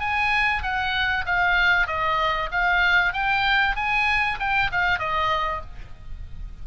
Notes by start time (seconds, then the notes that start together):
0.00 G#5
0.62 F#5
1.26 F5
1.87 D#5
2.51 F5
3.13 G5
3.76 G#5
4.39 G5
4.72 F5
4.99 D#5